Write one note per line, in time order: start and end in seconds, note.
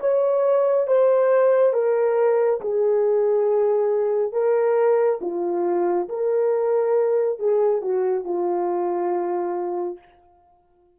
0.00 0.87 C#5
0.87 1.73 C5
1.73 2.60 A#4
2.61 4.32 G#4
4.32 5.19 A#4
5.21 6.08 F4
6.08 7.39 A#4
7.39 7.81 G#4
7.81 8.25 F#4
8.25 9.98 F4